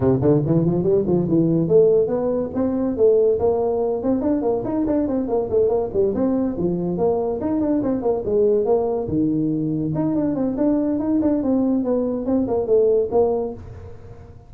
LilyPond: \new Staff \with { instrumentName = "tuba" } { \time 4/4 \tempo 4 = 142 c8 d8 e8 f8 g8 f8 e4 | a4 b4 c'4 a4 | ais4. c'8 d'8 ais8 dis'8 d'8 | c'8 ais8 a8 ais8 g8 c'4 f8~ |
f8 ais4 dis'8 d'8 c'8 ais8 gis8~ | gis8 ais4 dis2 dis'8 | d'8 c'8 d'4 dis'8 d'8 c'4 | b4 c'8 ais8 a4 ais4 | }